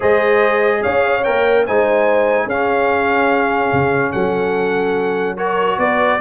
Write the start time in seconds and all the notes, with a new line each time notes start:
0.00 G#3 G#4 C5 D#5
0.81 C#4 C#5 F5
1.24 A#3 A#4 G5
1.66 G#3 D#4 C5 G#5
2.45 C#4 G#4 F5
3.72 C#3
4.12 F#3 A4 F#5
5.36 F#4 A#4 C#5
5.78 B3 B4 D5